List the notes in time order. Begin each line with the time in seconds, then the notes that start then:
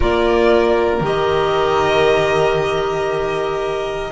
0.00 A#3 F4 A#4 D5
1.00 D#3 G4 D#5